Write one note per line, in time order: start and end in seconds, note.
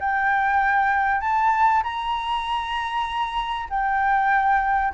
0.00 1.21 G5
1.21 1.83 A5
1.84 3.69 A#5
3.70 4.94 G5